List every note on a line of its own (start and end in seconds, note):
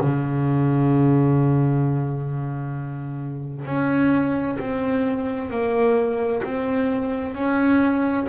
0.00 3.65 C#3
3.65 4.57 C#4
4.59 5.50 C4
5.50 6.42 A#3
6.43 7.34 C4
7.34 8.27 C#4